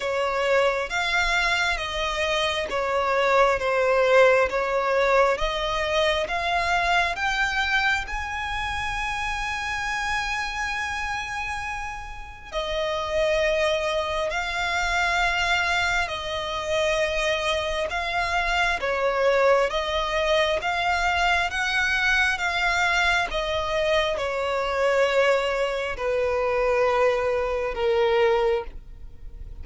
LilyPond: \new Staff \with { instrumentName = "violin" } { \time 4/4 \tempo 4 = 67 cis''4 f''4 dis''4 cis''4 | c''4 cis''4 dis''4 f''4 | g''4 gis''2.~ | gis''2 dis''2 |
f''2 dis''2 | f''4 cis''4 dis''4 f''4 | fis''4 f''4 dis''4 cis''4~ | cis''4 b'2 ais'4 | }